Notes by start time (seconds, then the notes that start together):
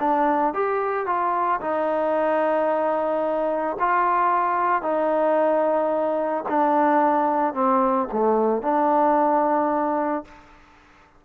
0.00 D4
0.54 G4
1.06 F4
1.61 D#4
3.80 F4
4.82 D#4
6.49 D4
7.54 C4
8.12 A3
8.62 D4